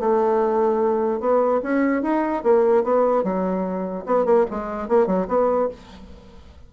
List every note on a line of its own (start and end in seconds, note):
0.00 1.20 A3
1.20 1.61 B3
1.63 2.03 C#4
2.03 2.43 D#4
2.44 2.84 A#3
2.84 3.24 B3
3.24 4.06 F#3
4.06 4.25 B3
4.25 4.46 A#3
4.51 4.89 G#3
4.89 5.07 A#3
5.07 5.28 F#3
5.29 5.69 B3